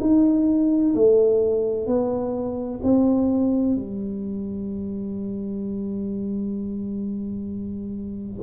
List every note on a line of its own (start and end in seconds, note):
0.00 0.94 D#4
0.94 1.86 A3
1.86 2.80 B3
2.83 3.75 C4
3.75 8.42 G3